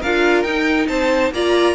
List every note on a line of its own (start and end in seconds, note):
0.00 0.44 D4
0.00 0.45 F4
0.00 0.88 A#4
0.00 0.43 F5
0.43 0.88 D#4
0.43 1.34 D#4
0.43 0.87 G5
0.88 1.32 C4
0.88 1.33 C5
0.88 1.32 A5
1.32 1.75 A#3
1.32 1.75 F4
1.32 1.75 D5
1.32 1.75 A#5